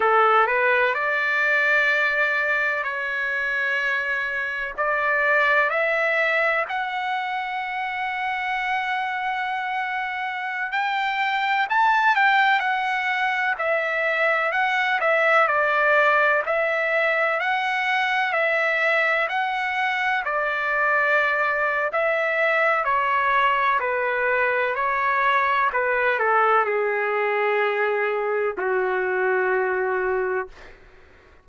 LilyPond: \new Staff \with { instrumentName = "trumpet" } { \time 4/4 \tempo 4 = 63 a'8 b'8 d''2 cis''4~ | cis''4 d''4 e''4 fis''4~ | fis''2.~ fis''16 g''8.~ | g''16 a''8 g''8 fis''4 e''4 fis''8 e''16~ |
e''16 d''4 e''4 fis''4 e''8.~ | e''16 fis''4 d''4.~ d''16 e''4 | cis''4 b'4 cis''4 b'8 a'8 | gis'2 fis'2 | }